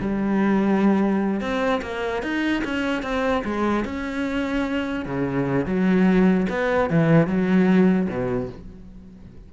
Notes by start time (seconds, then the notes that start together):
0.00 G3
1.41 C4
1.82 A#3
2.23 D#4
2.64 C#4
3.03 C4
3.45 G#3
3.85 C#4
5.06 C#3
5.66 F#3
6.50 B3
6.90 E3
7.27 F#3
8.09 B2